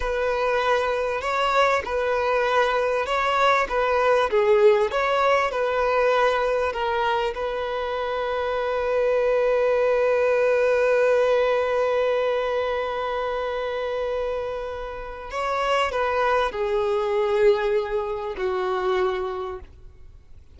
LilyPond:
\new Staff \with { instrumentName = "violin" } { \time 4/4 \tempo 4 = 98 b'2 cis''4 b'4~ | b'4 cis''4 b'4 gis'4 | cis''4 b'2 ais'4 | b'1~ |
b'1~ | b'1~ | b'4 cis''4 b'4 gis'4~ | gis'2 fis'2 | }